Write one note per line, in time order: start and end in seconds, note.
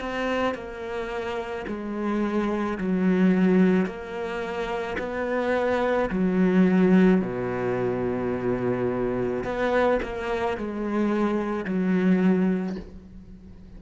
0.00 0.55 C4
0.55 1.66 A#3
1.67 2.78 G#3
2.78 3.86 F#3
3.86 4.97 A#3
4.98 6.09 B3
6.10 7.21 F#3
7.21 9.43 B2
9.44 9.99 B3
10.02 10.57 A#3
10.57 11.65 G#3
11.65 12.76 F#3